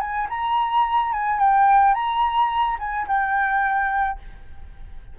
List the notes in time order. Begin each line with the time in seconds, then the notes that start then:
0.00 G#5
0.29 A#5
1.13 G#5
1.39 G5
1.94 A#5
2.79 G#5
3.08 G5